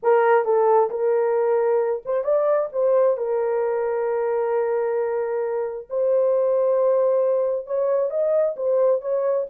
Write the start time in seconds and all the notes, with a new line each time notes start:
0.02 A#4
0.44 A4
0.90 A#4
2.05 C5
2.23 D5
2.72 C5
3.17 A#4
5.89 C5
7.66 C#5
8.10 D#5
8.56 C5
9.01 C#5